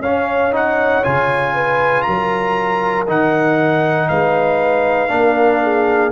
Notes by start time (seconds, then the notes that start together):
0.00 C#4 C#5 F5
0.53 D#4 F#5
1.04 C#3 F4 G#5
1.55 B4
2.03 F#3 A#4 A#5
3.08 D#3 D#4 F#5
4.09 G#3 B4 F5
5.09 A#3 D4 A#4
5.63 G#4